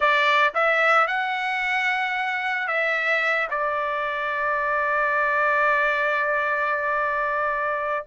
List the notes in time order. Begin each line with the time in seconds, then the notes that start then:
0.00 D5
0.54 E5
1.07 F#5
2.67 E5
3.50 D5